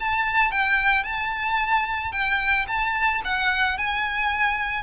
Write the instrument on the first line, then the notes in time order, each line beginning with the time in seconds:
violin
0.00 A5
0.51 G5
1.04 A5
2.12 G5
2.68 A5
3.24 F#5
3.78 G#5